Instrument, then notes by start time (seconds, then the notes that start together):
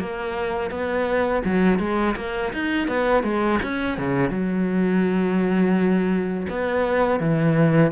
cello
0.00 A#3
0.71 B3
1.45 F#3
1.79 G#3
2.17 A#3
2.53 D#4
2.88 B3
3.24 G#3
3.63 C#4
3.98 C#3
4.30 F#3
6.50 B3
7.20 E3